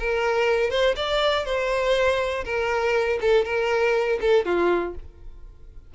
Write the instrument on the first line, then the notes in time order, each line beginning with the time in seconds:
violin
0.00 A#4
0.71 C5
0.96 D5
1.46 C5
2.45 A#4
3.22 A4
3.45 A#4
4.21 A4
4.46 F4